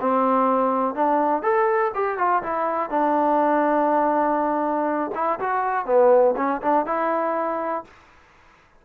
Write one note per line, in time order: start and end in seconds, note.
0.00 0.94 C4
0.94 1.42 D4
1.42 1.91 A4
1.94 2.18 G4
2.18 2.42 F4
2.42 2.89 E4
2.89 5.11 D4
5.14 5.39 E4
5.39 5.85 F#4
5.85 6.34 B3
6.36 6.61 C#4
6.61 6.86 D4
6.86 7.84 E4